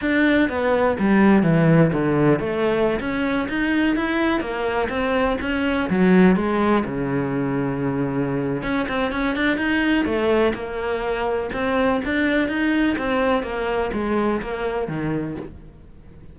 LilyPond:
\new Staff \with { instrumentName = "cello" } { \time 4/4 \tempo 4 = 125 d'4 b4 g4 e4 | d4 a4~ a16 cis'4 dis'8.~ | dis'16 e'4 ais4 c'4 cis'8.~ | cis'16 fis4 gis4 cis4.~ cis16~ |
cis2 cis'8 c'8 cis'8 d'8 | dis'4 a4 ais2 | c'4 d'4 dis'4 c'4 | ais4 gis4 ais4 dis4 | }